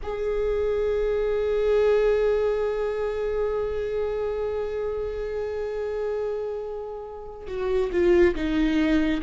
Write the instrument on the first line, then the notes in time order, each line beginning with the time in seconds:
viola
0.02 G#4
7.47 F#4
7.92 F4
8.35 D#4